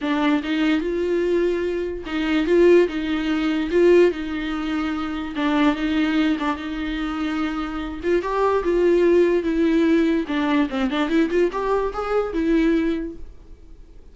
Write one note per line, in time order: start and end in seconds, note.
0.01 0.42 D4
0.43 0.80 D#4
0.80 2.04 F4
2.06 2.46 D#4
2.46 2.87 F4
2.87 3.70 D#4
3.70 4.11 F4
4.11 5.34 D#4
5.35 5.75 D4
5.75 6.37 D#4
6.39 6.56 D4
6.56 8.00 D#4
8.03 8.22 F4
8.22 8.63 G4
8.63 9.43 F4
9.43 10.25 E4
10.27 10.68 D4
10.69 10.90 C4
10.90 11.09 D4
11.09 11.29 E4
11.30 11.50 F4
11.51 11.93 G4
11.93 12.33 G#4
12.33 13.15 E4